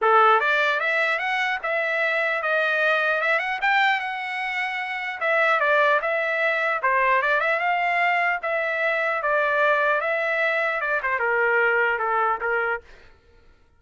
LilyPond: \new Staff \with { instrumentName = "trumpet" } { \time 4/4 \tempo 4 = 150 a'4 d''4 e''4 fis''4 | e''2 dis''2 | e''8 fis''8 g''4 fis''2~ | fis''4 e''4 d''4 e''4~ |
e''4 c''4 d''8 e''8 f''4~ | f''4 e''2 d''4~ | d''4 e''2 d''8 c''8 | ais'2 a'4 ais'4 | }